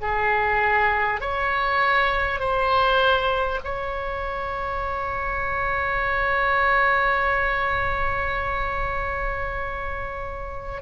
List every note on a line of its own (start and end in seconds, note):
0.00 1.20 G#4
1.20 2.39 C#5
2.39 3.59 C5
3.64 10.82 C#5